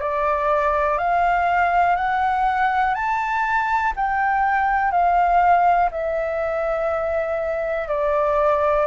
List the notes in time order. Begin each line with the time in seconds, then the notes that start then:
0.00 D5
0.97 F5
1.96 F#5
2.94 A5
3.96 G5
4.91 F5
5.91 E5
7.88 D5